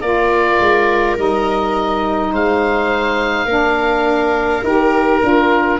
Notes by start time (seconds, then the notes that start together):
0.00 A#3 F4 A#4 D5
0.60 G#3
1.16 G3 D#4 D#5
2.32 G#3 C5 F5
3.45 A#3 D4 A#4
4.63 D#4 G4 A#4
5.21 D4 F4